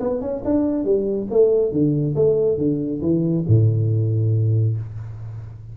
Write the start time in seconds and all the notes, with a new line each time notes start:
0.00 B3
0.21 C#4
0.45 D4
0.85 G3
1.31 A3
1.72 D3
2.15 A3
2.58 D3
3.02 E3
3.47 A2